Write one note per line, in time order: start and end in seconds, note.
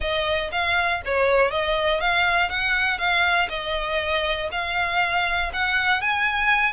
0.00 0.50 D#5
0.51 1.01 F5
1.05 1.50 C#5
1.50 2.00 D#5
2.00 2.49 F5
2.49 2.98 F#5
2.98 3.48 F5
3.49 4.49 D#5
4.51 5.51 F5
5.53 6.01 F#5
6.01 6.72 G#5